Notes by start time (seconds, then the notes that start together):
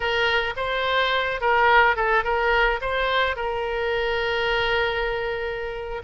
0.00 A#4
0.56 C5
1.40 A#4
1.96 A4
2.24 A#4
2.81 C5
3.36 A#4